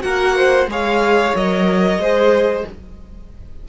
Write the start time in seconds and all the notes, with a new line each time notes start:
0.00 A#3 F#4 A#4 F#5
0.37 C5
0.67 G#3 G#4 C#5 F5
1.35 F#3 A#4 D#5
1.98 G#3 G#4 C5